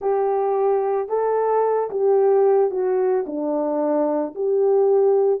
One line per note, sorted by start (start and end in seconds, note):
0.01 1.08 G4
1.08 1.89 A4
1.90 2.70 G4
2.70 3.24 F#4
3.26 4.34 D4
4.34 5.40 G4